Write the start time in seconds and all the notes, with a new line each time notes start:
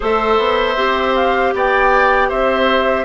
0.00 A3 A4 C5 E5
0.38 B3
0.76 C4 G4
1.15 F5
1.54 B3 D5 G5
2.29 C4 C5 E5